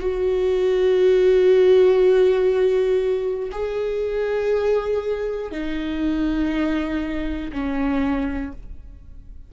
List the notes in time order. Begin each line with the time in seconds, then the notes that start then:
0.00 F#4
3.51 G#4
5.51 D#4
7.52 C#4